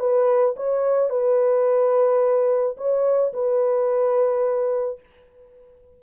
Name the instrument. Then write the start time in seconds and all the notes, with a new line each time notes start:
horn
0.00 B4
0.57 C#5
1.10 B4
2.78 C#5
3.34 B4